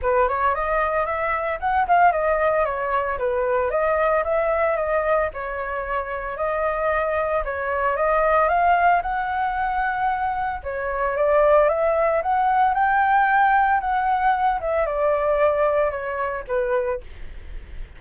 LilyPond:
\new Staff \with { instrumentName = "flute" } { \time 4/4 \tempo 4 = 113 b'8 cis''8 dis''4 e''4 fis''8 f''8 | dis''4 cis''4 b'4 dis''4 | e''4 dis''4 cis''2 | dis''2 cis''4 dis''4 |
f''4 fis''2. | cis''4 d''4 e''4 fis''4 | g''2 fis''4. e''8 | d''2 cis''4 b'4 | }